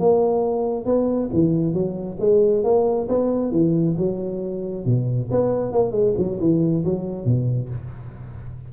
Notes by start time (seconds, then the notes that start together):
0.00 A#3
0.86 B3
1.34 E3
1.74 F#3
2.20 G#3
2.64 A#3
3.09 B3
3.52 E3
3.98 F#3
4.86 B2
5.32 B3
5.73 A#3
5.92 G#3
6.18 F#3
6.40 E3
6.85 F#3
7.25 B2